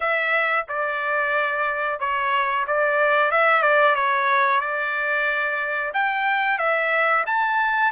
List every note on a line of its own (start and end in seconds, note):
0.00 0.66 E5
0.68 1.99 D5
1.99 2.65 C#5
2.67 3.31 D5
3.31 3.62 E5
3.62 3.95 D5
3.95 4.60 C#5
4.60 5.92 D5
5.93 6.58 G5
6.58 7.24 E5
7.26 7.92 A5